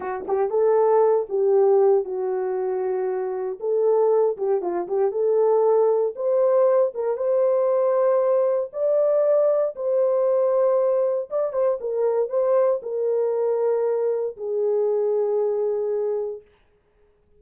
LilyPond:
\new Staff \with { instrumentName = "horn" } { \time 4/4 \tempo 4 = 117 fis'8 g'8 a'4. g'4. | fis'2. a'4~ | a'8 g'8 f'8 g'8 a'2 | c''4. ais'8 c''2~ |
c''4 d''2 c''4~ | c''2 d''8 c''8 ais'4 | c''4 ais'2. | gis'1 | }